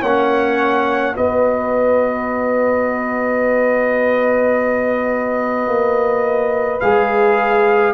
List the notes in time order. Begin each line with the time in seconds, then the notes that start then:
0.00 A#3 C#5 F#5
0.07 C#4
1.14 B3 F#4 B4 D#5
5.67 A#3
6.80 G#3 G#4 F5